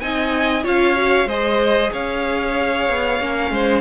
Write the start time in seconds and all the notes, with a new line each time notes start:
0.00 C4 D#4 D#5 G#5
0.64 C#4 F4 C#5 F5
0.95 F#4
1.26 G#3 G#4 C5 D#5
1.92 C#4 C#5 F5
2.90 B3
3.19 A#3 C#4
3.51 G#3 C5